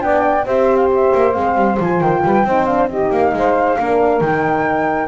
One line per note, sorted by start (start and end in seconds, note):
0.00 0.46 B3
0.00 0.44 D4
0.00 0.46 D5
0.00 0.46 G5
0.46 1.12 C4
0.46 1.34 G4
0.46 2.22 C5
0.46 0.77 E5
0.77 0.88 F5
0.95 1.33 E5
1.15 1.36 A#3
1.33 1.56 G#3
1.33 1.78 C4
1.33 1.77 F5
1.56 1.78 G3
1.80 2.01 F3
1.80 2.47 F4
1.80 2.02 G#5
2.01 2.23 D#3
2.01 2.66 G5
2.24 2.45 G3
2.24 2.46 B4
2.45 3.11 C4
2.45 2.68 D#4
2.45 2.90 C5
2.66 2.90 D4
2.66 2.88 F5
2.90 3.80 D#4
2.90 3.34 G4
2.90 3.12 D#5
3.11 3.33 A#3
3.11 4.21 F5
3.34 3.78 G#3
3.34 3.79 C5
3.79 4.21 A#3
3.79 4.23 D4
3.79 5.09 A#4
4.21 5.09 D#3
4.21 5.09 D#4
4.21 5.09 G5